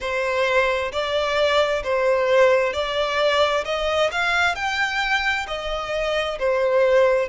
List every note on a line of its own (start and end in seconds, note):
0.00 0.91 C5
0.91 1.82 D5
1.83 2.73 C5
2.73 3.64 D5
3.64 4.10 D#5
4.11 4.55 F5
4.55 5.46 G5
5.47 6.38 D#5
6.38 7.29 C5